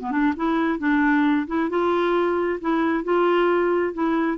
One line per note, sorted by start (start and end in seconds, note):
0.00 0.11 B3
0.11 0.34 D4
0.36 0.79 E4
0.79 1.47 D4
1.47 1.69 E4
1.69 2.59 F4
2.61 3.04 E4
3.04 3.94 F4
3.94 4.38 E4